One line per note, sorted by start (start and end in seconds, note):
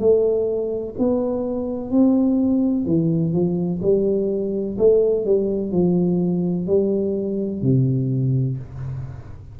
0.00 0.95 A3
0.99 1.91 B3
1.91 2.86 C4
2.86 3.33 E3
3.33 3.81 F3
3.82 4.77 G3
4.78 5.26 A3
5.26 5.72 G3
5.72 6.68 F3
6.68 7.63 G3
7.63 8.58 C3